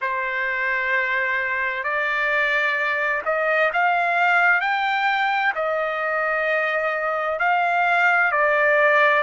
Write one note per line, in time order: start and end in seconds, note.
0.01 1.83 C5
1.83 3.22 D5
3.25 3.71 D#5
3.73 4.60 F5
4.60 5.53 G5
5.55 7.39 D#5
7.39 8.31 F5
8.31 9.22 D5